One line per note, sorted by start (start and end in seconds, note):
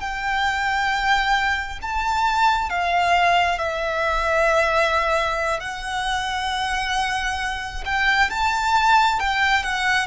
0.00 1.79 G5
1.82 2.69 A5
2.69 3.58 F5
3.58 5.60 E5
5.60 7.84 F#5
7.85 8.30 G5
8.30 9.19 A5
9.19 9.63 G5
9.63 10.06 F#5